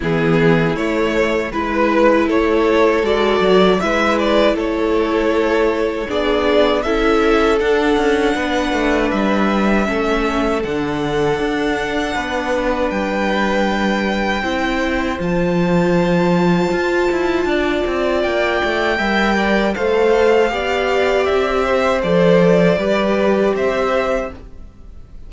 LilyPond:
<<
  \new Staff \with { instrumentName = "violin" } { \time 4/4 \tempo 4 = 79 gis'4 cis''4 b'4 cis''4 | d''4 e''8 d''8 cis''2 | d''4 e''4 fis''2 | e''2 fis''2~ |
fis''4 g''2. | a''1 | g''2 f''2 | e''4 d''2 e''4 | }
  \new Staff \with { instrumentName = "violin" } { \time 4/4 e'2 b'4 a'4~ | a'4 b'4 a'2 | gis'4 a'2 b'4~ | b'4 a'2. |
b'2. c''4~ | c''2. d''4~ | d''4 e''8 d''8 c''4 d''4~ | d''8 c''4. b'4 c''4 | }
  \new Staff \with { instrumentName = "viola" } { \time 4/4 b4 a4 e'2 | fis'4 e'2. | d'4 e'4 d'2~ | d'4 cis'4 d'2~ |
d'2. e'4 | f'1~ | f'4 ais'4 a'4 g'4~ | g'4 a'4 g'2 | }
  \new Staff \with { instrumentName = "cello" } { \time 4/4 e4 a4 gis4 a4 | gis8 fis8 gis4 a2 | b4 cis'4 d'8 cis'8 b8 a8 | g4 a4 d4 d'4 |
b4 g2 c'4 | f2 f'8 e'8 d'8 c'8 | ais8 a8 g4 a4 b4 | c'4 f4 g4 c'4 | }
>>